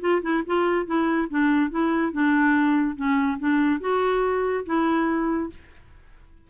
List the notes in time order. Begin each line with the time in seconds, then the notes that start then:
0.00 F4
0.22 E4
0.46 F4
0.86 E4
1.30 D4
1.70 E4
2.12 D4
2.96 C#4
3.38 D4
3.80 F#4
4.65 E4